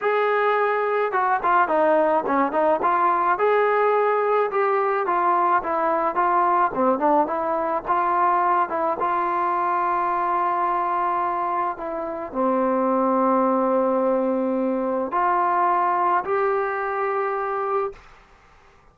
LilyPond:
\new Staff \with { instrumentName = "trombone" } { \time 4/4 \tempo 4 = 107 gis'2 fis'8 f'8 dis'4 | cis'8 dis'8 f'4 gis'2 | g'4 f'4 e'4 f'4 | c'8 d'8 e'4 f'4. e'8 |
f'1~ | f'4 e'4 c'2~ | c'2. f'4~ | f'4 g'2. | }